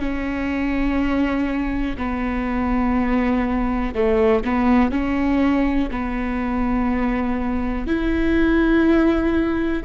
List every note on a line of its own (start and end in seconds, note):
0.00 1.97 C#4
1.98 3.94 B3
3.94 4.44 A3
4.44 4.92 B3
4.92 5.90 C#4
5.91 7.87 B3
7.87 9.84 E4